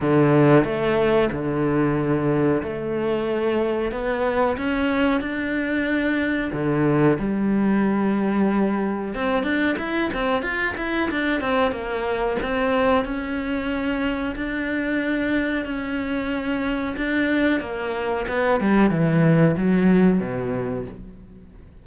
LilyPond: \new Staff \with { instrumentName = "cello" } { \time 4/4 \tempo 4 = 92 d4 a4 d2 | a2 b4 cis'4 | d'2 d4 g4~ | g2 c'8 d'8 e'8 c'8 |
f'8 e'8 d'8 c'8 ais4 c'4 | cis'2 d'2 | cis'2 d'4 ais4 | b8 g8 e4 fis4 b,4 | }